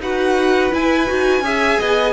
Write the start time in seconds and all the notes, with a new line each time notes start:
0.00 D#4 F#4 B4 F#5
0.72 E4 G#5
1.07 D#4 F#4
1.41 C#4 G#4 E5
1.80 B3 D#5